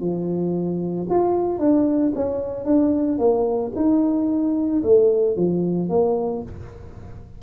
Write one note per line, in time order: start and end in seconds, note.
0.00 1.07 F3
1.10 1.59 F4
1.59 2.13 D4
2.15 2.65 C#4
2.65 3.19 D4
3.19 3.72 A#3
3.76 4.83 D#4
4.83 5.36 A3
5.36 5.89 F3
5.89 6.43 A#3